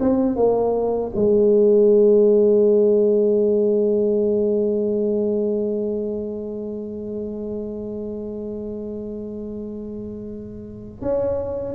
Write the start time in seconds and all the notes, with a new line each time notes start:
0.00 C4
0.36 A#3
1.15 G#3
11.01 C#4